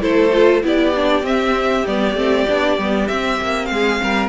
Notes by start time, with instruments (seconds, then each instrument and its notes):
0.00 cello A3, viola E4, violin A4 C5
0.32 viola F4
0.62 cello B3, viola E4, violin G4 D5
0.95 viola D4
1.23 cello C4, viola C4, violin E5
1.86 cello G3, viola B3, violin D5
2.14 cello A3, viola C4
2.48 cello B3, viola D4
2.78 cello G3, viola B3
3.07 viola C4, cello C4, violin E5
3.40 cello A#3
3.65 cello G#3, violin G#4 F5
4.02 cello G3, violin A#4